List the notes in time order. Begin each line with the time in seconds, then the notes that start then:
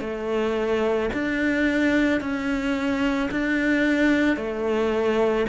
0.00 A3
1.13 D4
2.20 C#4
3.31 D4
4.36 A3